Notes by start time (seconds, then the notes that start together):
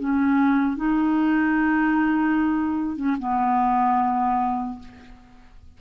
0.00 C#4
0.77 D#4
2.97 C#4
3.20 B3